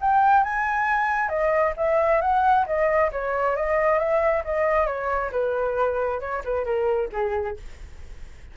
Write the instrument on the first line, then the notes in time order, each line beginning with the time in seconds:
flute
0.00 G5
0.43 G#5
1.28 D#5
1.76 E5
2.21 F#5
2.66 D#5
3.12 C#5
3.56 D#5
3.98 E5
4.44 D#5
4.86 C#5
5.31 B4
6.20 C#5
6.44 B4
6.64 A#4
7.12 G#4